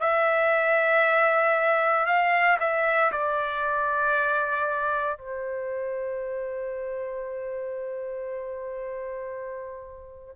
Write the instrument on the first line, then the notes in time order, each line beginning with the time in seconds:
trumpet
0.00 E5
2.06 F5
2.60 E5
3.12 D5
5.18 C5